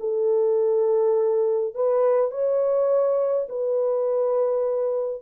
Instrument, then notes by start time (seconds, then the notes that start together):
horn
0.00 A4
1.75 B4
2.31 C#5
3.50 B4